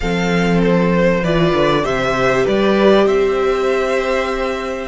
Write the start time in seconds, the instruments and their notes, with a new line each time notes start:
0.00 cello F3, viola C4, violin A4 F5
0.62 violin C5
1.21 cello E3, viola F4, violin B4 D5
1.53 cello D3
1.83 cello C3, viola G4, violin C5 E5
2.44 cello G3, violin B4 D5
3.05 cello C4, violin C5 E5